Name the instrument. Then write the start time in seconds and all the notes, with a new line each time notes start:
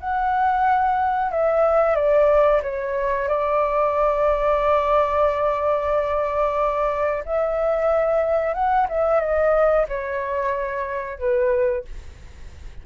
flute
0.00 F#5
1.32 E5
1.96 D5
2.63 C#5
3.28 D5
7.26 E5
8.54 F#5
8.89 E5
9.21 D#5
9.88 C#5
11.19 B4